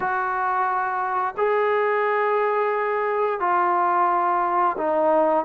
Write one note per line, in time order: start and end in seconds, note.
0.00 1.35 F#4
1.37 3.40 G#4
3.40 4.76 F4
4.77 5.45 D#4